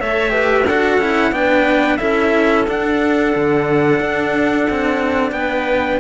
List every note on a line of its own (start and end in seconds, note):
0.00 0.67 A3
0.00 0.30 A4
0.00 0.32 C#5
0.00 0.67 E5
0.30 0.63 G4
0.30 0.65 B4
0.65 0.98 D4
0.65 1.01 F#4
0.65 1.32 A4
0.65 1.34 F#5
0.98 1.31 C#4
0.98 1.33 E4
1.32 1.98 B3
1.32 1.98 D4
1.32 1.99 B4
1.32 1.97 G5
1.97 2.67 C#4
1.97 2.65 E4
1.97 5.33 A4
1.97 2.64 E5
2.67 3.34 D4
2.67 6.00 D4
2.67 5.32 F#5
3.35 4.00 D3
4.00 4.67 D4
4.70 5.32 C4
5.32 5.98 B3
5.32 5.99 B4
5.32 5.99 G5